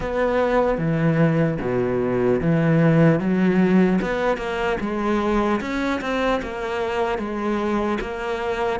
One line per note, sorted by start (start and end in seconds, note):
0.00 0.77 B3
0.77 1.57 E3
1.60 2.40 B2
2.41 3.19 E3
3.19 3.99 F#3
4.01 4.37 B3
4.37 4.77 A#3
4.80 5.60 G#3
5.60 6.00 C#4
6.01 6.41 C4
6.42 7.18 A#3
7.18 7.98 G#3
8.00 8.80 A#3